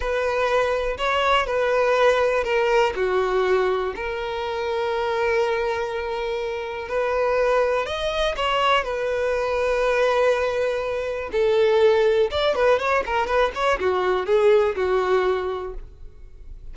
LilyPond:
\new Staff \with { instrumentName = "violin" } { \time 4/4 \tempo 4 = 122 b'2 cis''4 b'4~ | b'4 ais'4 fis'2 | ais'1~ | ais'2 b'2 |
dis''4 cis''4 b'2~ | b'2. a'4~ | a'4 d''8 b'8 cis''8 ais'8 b'8 cis''8 | fis'4 gis'4 fis'2 | }